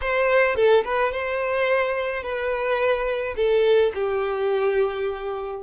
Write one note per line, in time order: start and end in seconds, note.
0.01 0.55 C5
0.55 0.83 A4
0.84 1.12 B4
1.12 2.23 C5
2.23 3.35 B4
3.36 3.92 A4
3.94 5.62 G4